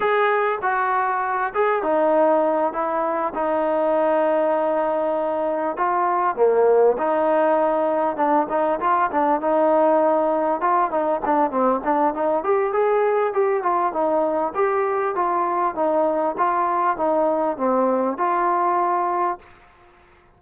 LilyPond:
\new Staff \with { instrumentName = "trombone" } { \time 4/4 \tempo 4 = 99 gis'4 fis'4. gis'8 dis'4~ | dis'8 e'4 dis'2~ dis'8~ | dis'4. f'4 ais4 dis'8~ | dis'4. d'8 dis'8 f'8 d'8 dis'8~ |
dis'4. f'8 dis'8 d'8 c'8 d'8 | dis'8 g'8 gis'4 g'8 f'8 dis'4 | g'4 f'4 dis'4 f'4 | dis'4 c'4 f'2 | }